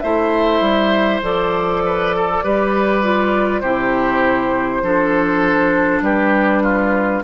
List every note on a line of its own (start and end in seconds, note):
0.00 0.60 A3
0.00 1.22 E4
0.00 1.83 C5
0.00 1.20 E5
0.60 1.20 G3
1.22 2.42 F3
1.22 2.42 A4
1.22 3.60 D5
1.85 2.15 B4
2.15 2.43 A4
2.43 3.62 G3
2.43 3.02 G4
2.43 3.62 B4
3.02 3.62 F4
3.60 4.82 C3
3.60 4.83 E4
3.60 4.82 G4
3.60 6.00 C5
4.82 6.01 F3
4.82 7.23 D4
4.82 6.03 A4
6.01 7.21 G3
6.01 6.63 G4
6.01 7.23 B4
6.63 7.23 F4